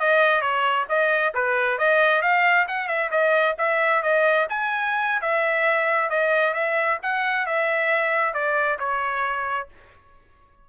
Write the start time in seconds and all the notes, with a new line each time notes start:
0.00 D#5
0.41 C#5
0.89 D#5
1.34 B4
1.79 D#5
2.22 F5
2.68 F#5
2.88 E5
3.11 D#5
3.58 E5
4.03 D#5
4.50 G#5
5.21 E5
6.10 D#5
6.54 E5
7.03 F#5
7.47 E5
8.34 D5
8.79 C#5